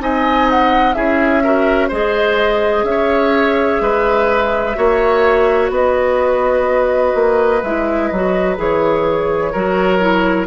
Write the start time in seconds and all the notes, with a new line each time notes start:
0.00 C4 D#4 D#5 G#5
0.51 F#5
0.94 C#4 E4 G#4 E5
1.44 F#4 A#4
1.88 G#3 G#4 C5 D#5
2.84 C#4 E5
2.91 C#5
3.81 G#3 B4
4.75 A#3 F#4 C#5
5.70 B3 B4 D#5
7.15 A#3
7.63 G#3 E4 E5
8.08 F#3 D#5
8.14 F#4
8.57 E3 G#4 C#5
9.52 F#3 F#4 A#4
10.00 E4